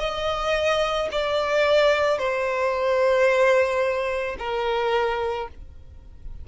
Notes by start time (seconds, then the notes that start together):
0.00 D#5
1.12 D5
2.18 C5
4.39 A#4